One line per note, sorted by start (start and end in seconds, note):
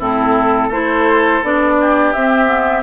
0.00 0.70 A2
0.00 0.72 C4
0.00 0.69 E4
0.00 0.73 A4
0.69 1.42 A3
0.69 1.44 E4
0.69 1.76 A4
0.69 1.44 C5
1.43 2.15 B3
1.43 2.15 D4
1.43 2.13 D5
1.81 2.83 G4
2.13 2.83 C4
2.13 2.46 C4
2.13 2.83 E5
2.46 2.82 B3